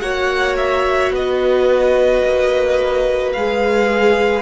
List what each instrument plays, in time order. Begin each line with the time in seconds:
0.00 cello A#3, viola F#4, violin C#5 F#5
0.57 violin E5
1.10 cello B3, violin B4 D#5
2.25 cello A#3
3.33 cello G#3, viola G#4, violin F5